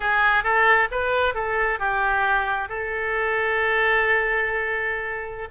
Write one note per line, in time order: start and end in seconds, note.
0.00 0.43 G#4
0.43 0.88 A4
0.91 1.34 B4
1.34 1.79 A4
1.79 2.68 G4
2.68 5.48 A4